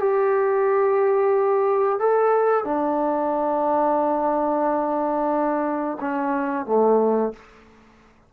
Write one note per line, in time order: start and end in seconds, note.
0.00 1.99 G4
1.99 2.65 A4
2.65 5.98 D4
6.00 6.66 C#4
6.66 7.33 A3